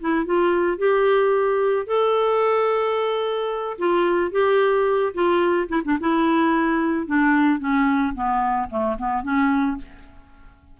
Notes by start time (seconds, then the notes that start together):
0.00 E4
0.25 F4
0.78 G4
1.86 A4
3.78 F4
4.31 G4
5.13 F4
5.68 E4
5.84 D4
6.00 E4
7.06 D4
7.59 C#4
8.14 B3
8.70 A3
8.98 B3
9.23 C#4